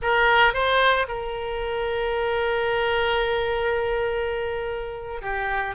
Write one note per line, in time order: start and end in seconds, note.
0.01 0.53 A#4
0.53 1.07 C5
1.07 5.21 A#4
5.21 5.75 G4